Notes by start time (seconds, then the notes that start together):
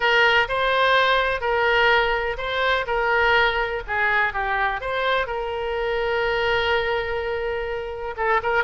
0.00 A#4
0.48 C5
1.40 A#4
2.37 C5
2.86 A#4
3.87 G#4
4.33 G4
4.80 C5
5.26 A#4
8.16 A4
8.42 A#4